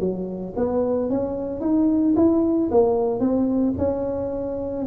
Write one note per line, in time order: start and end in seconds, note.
0.00 0.54 F#3
0.57 1.10 B3
1.10 1.61 C#4
1.61 2.15 D#4
2.16 2.70 E4
2.71 3.20 A#3
3.20 3.74 C4
3.78 4.86 C#4